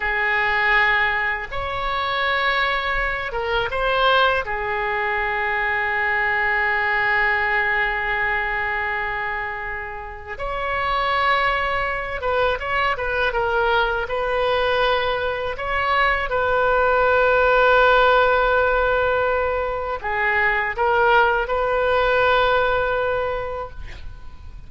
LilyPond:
\new Staff \with { instrumentName = "oboe" } { \time 4/4 \tempo 4 = 81 gis'2 cis''2~ | cis''8 ais'8 c''4 gis'2~ | gis'1~ | gis'2 cis''2~ |
cis''8 b'8 cis''8 b'8 ais'4 b'4~ | b'4 cis''4 b'2~ | b'2. gis'4 | ais'4 b'2. | }